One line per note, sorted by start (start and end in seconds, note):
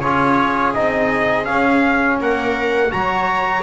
0.00 0.75 C#4
0.00 0.74 F4
0.00 2.18 G#4
0.00 0.72 C#5
0.74 1.48 C4
0.74 1.44 D#4
0.74 1.45 D#5
1.44 2.89 C#4
1.44 2.20 C#4
1.44 2.17 F5
2.20 2.93 A#3
2.20 2.93 A#4
2.20 2.92 F#5
2.89 3.63 F#3
2.89 3.62 F#4
2.89 3.63 C#5
2.89 3.63 A#5